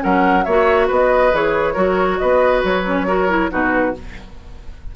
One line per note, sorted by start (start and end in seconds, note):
0.00 0.46 F#3
0.00 0.43 C#4
0.00 0.45 A#4
0.00 0.44 F#5
0.44 0.90 A#3
0.44 1.32 F#4
0.44 0.87 C#5
0.44 0.87 E5
0.87 1.34 B3
0.87 1.74 B4
0.87 1.35 D#5
1.32 1.76 E3
1.32 1.75 G#4
1.32 2.18 C#5
1.74 2.20 F#3
1.74 2.83 F#4
1.74 2.17 A#4
2.18 2.64 B3
2.18 3.07 B4
2.18 2.62 D#5
2.64 3.51 F#3
2.64 3.52 C#5
2.85 3.07 C#4
3.07 3.28 F#4
3.07 3.51 A#4
3.28 3.50 E4
3.50 3.96 B2
3.50 3.93 D#4
3.50 3.95 F#4
3.50 3.95 B4